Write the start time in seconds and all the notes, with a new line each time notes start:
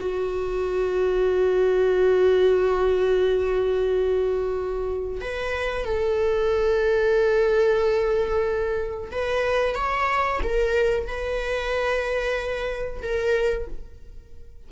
0.00 F#4
5.21 B4
5.85 A4
9.12 B4
9.75 C#5
10.43 A#4
11.08 B4
13.02 A#4